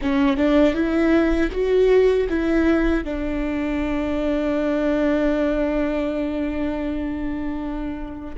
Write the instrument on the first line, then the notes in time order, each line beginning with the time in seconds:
viola
0.01 C#4
0.37 D4
0.74 E4
1.51 F#4
2.29 E4
3.04 D4